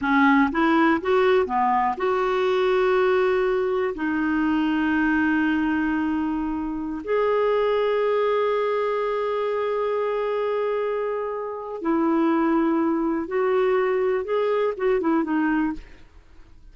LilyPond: \new Staff \with { instrumentName = "clarinet" } { \time 4/4 \tempo 4 = 122 cis'4 e'4 fis'4 b4 | fis'1 | dis'1~ | dis'2~ dis'16 gis'4.~ gis'16~ |
gis'1~ | gis'1 | e'2. fis'4~ | fis'4 gis'4 fis'8 e'8 dis'4 | }